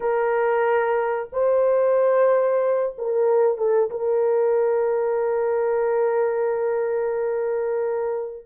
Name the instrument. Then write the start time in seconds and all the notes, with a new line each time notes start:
horn
0.00 A#4
1.32 C5
2.98 A#4
3.57 A4
3.90 A#4